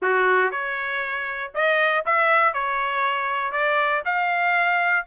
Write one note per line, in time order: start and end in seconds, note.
0.02 0.51 F#4
0.51 1.51 C#5
1.54 2.04 D#5
2.05 2.53 E5
2.53 3.52 C#5
3.52 4.02 D5
4.05 5.06 F5